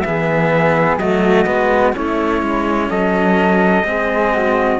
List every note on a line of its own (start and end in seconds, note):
0.00 0.96 E3
0.00 1.00 B3
0.00 0.95 E5
0.06 0.99 G#4
0.96 1.43 F#3
0.96 1.45 A3
0.96 1.94 F#4
0.96 1.93 D#5
1.45 1.93 G#3
1.45 1.92 B3
1.92 2.42 A3
1.92 3.83 C#4
1.92 2.90 E4
1.92 2.89 C#5
2.42 2.89 G#3
2.89 3.83 F#3
2.89 3.85 A4
2.89 4.79 D#5
3.83 4.78 G#3
3.83 4.79 C4
3.83 4.33 G#4
4.33 4.79 F#4